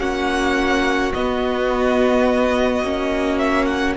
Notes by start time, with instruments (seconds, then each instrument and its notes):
0.00 cello A#3, viola C#4, violin F#4 F#5
1.14 cello B3, viola B3, violin D#5
2.83 cello A#3, viola C#4
3.39 violin E5
3.66 violin F#5